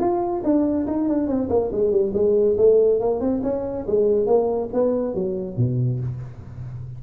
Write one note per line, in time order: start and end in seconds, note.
0.00 0.43 F4
0.44 0.87 D4
0.87 1.09 D#4
1.09 1.27 D4
1.27 1.49 C4
1.49 1.71 A#3
1.72 1.91 G#3
1.91 2.13 G3
2.14 2.57 G#3
2.58 3.00 A3
3.00 3.20 A#3
3.20 3.42 C4
3.43 3.86 C#4
3.87 4.26 G#3
4.26 4.69 A#3
4.73 5.15 B3
5.15 5.57 F#3
5.57 6.00 B2